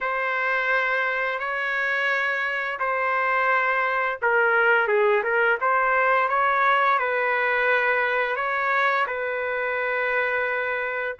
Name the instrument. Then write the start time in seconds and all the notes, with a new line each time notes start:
trumpet
0.00 C5
1.39 C#5
2.79 C5
4.22 A#4
4.87 G#4
5.23 A#4
5.60 C5
6.29 C#5
6.98 B4
8.36 C#5
9.07 B4